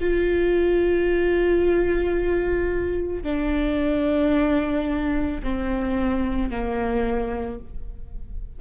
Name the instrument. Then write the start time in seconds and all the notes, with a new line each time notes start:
viola
0.00 F4
3.23 D4
5.42 C4
6.50 A#3